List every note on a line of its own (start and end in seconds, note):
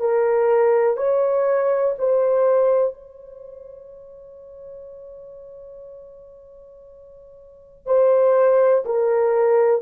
0.00 0.97 A#4
0.97 1.95 C#5
1.99 2.94 C5
2.94 7.86 C#5
7.86 8.84 C5
8.85 9.81 A#4